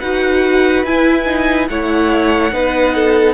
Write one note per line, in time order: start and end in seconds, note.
0.00 0.84 D#4
0.00 0.87 F#4
0.00 1.69 B4
0.00 0.85 F#5
0.84 1.69 E4
0.84 1.26 E4
0.84 1.69 G#5
1.26 1.68 D#4
1.69 2.53 A3
1.69 2.53 E4
1.69 2.53 C#5
1.69 3.34 F#5
2.53 3.34 B3
2.53 3.34 D#4
2.53 2.95 B4
2.95 3.34 A4